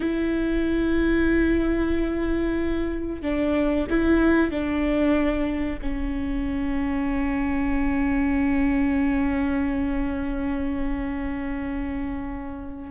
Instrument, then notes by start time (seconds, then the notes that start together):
viola
0.00 E4
3.22 D4
3.90 E4
4.50 D4
5.81 C#4